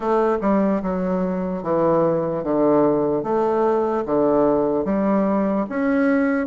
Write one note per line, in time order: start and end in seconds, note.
0.00 0.38 A3
0.41 0.81 G3
0.82 1.63 F#3
1.63 2.43 E3
2.43 3.22 D3
3.22 4.04 A3
4.05 4.84 D3
4.84 5.65 G3
5.69 6.46 C#4